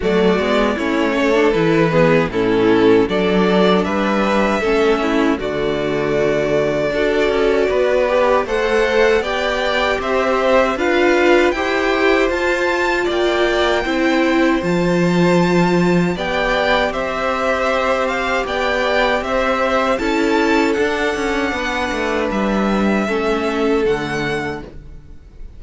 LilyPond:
<<
  \new Staff \with { instrumentName = "violin" } { \time 4/4 \tempo 4 = 78 d''4 cis''4 b'4 a'4 | d''4 e''2 d''4~ | d''2. fis''4 | g''4 e''4 f''4 g''4 |
a''4 g''2 a''4~ | a''4 g''4 e''4. f''8 | g''4 e''4 a''4 fis''4~ | fis''4 e''2 fis''4 | }
  \new Staff \with { instrumentName = "violin" } { \time 4/4 fis'4 e'8 a'4 gis'8 e'4 | a'4 b'4 a'8 e'8 fis'4~ | fis'4 a'4 b'4 c''4 | d''4 c''4 b'4 c''4~ |
c''4 d''4 c''2~ | c''4 d''4 c''2 | d''4 c''4 a'2 | b'2 a'2 | }
  \new Staff \with { instrumentName = "viola" } { \time 4/4 a8 b8 cis'8. d'16 e'8 b8 cis'4 | d'2 cis'4 a4~ | a4 fis'4. g'8 a'4 | g'2 f'4 g'4 |
f'2 e'4 f'4~ | f'4 g'2.~ | g'2 e'4 d'4~ | d'2 cis'4 a4 | }
  \new Staff \with { instrumentName = "cello" } { \time 4/4 fis8 gis8 a4 e4 a,4 | fis4 g4 a4 d4~ | d4 d'8 cis'8 b4 a4 | b4 c'4 d'4 e'4 |
f'4 ais4 c'4 f4~ | f4 b4 c'2 | b4 c'4 cis'4 d'8 cis'8 | b8 a8 g4 a4 d4 | }
>>